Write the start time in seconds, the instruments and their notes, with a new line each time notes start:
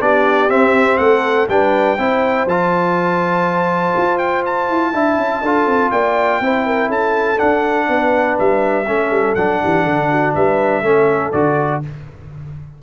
0.00 tuba B3, trombone D4, horn G4, trumpet D5
0.49 tuba C4, trombone C4, trumpet E5
0.98 tuba A3, horn A4, trumpet F#5
1.48 tuba G3, trombone D4, horn B4, trumpet G5
1.98 tuba C4, trombone E4, horn C5
2.46 tuba F3, trombone F4, trumpet A5
3.97 tuba F4
4.18 trumpet G5
4.45 trumpet A5
4.69 tuba E4
4.93 tuba D4, trombone E4, horn E5
5.18 tuba C#4
5.42 tuba D4, trombone F4, horn A4
5.66 tuba C4
5.91 tuba A#3, horn D5, trumpet G5
6.40 tuba C4, trombone E4, horn C5
6.66 horn A#4
6.88 tuba C#4, horn A4, trumpet A5
7.37 trombone D4, tuba D4, trumpet F#5
7.88 tuba B3, horn B4
8.39 tuba G3, trumpet E5
8.87 tuba A3, trombone C#4, horn A4
9.11 tuba G3
9.35 tuba F#3, trombone D4, trumpet F#5
9.62 tuba E3, horn G4
9.84 tuba D3, horn A4
10.11 horn F#4
10.34 tuba G3, horn B4, trumpet E5
10.82 tuba A3, trombone C#4, horn A4
11.32 tuba D3, trombone F#4, trumpet D5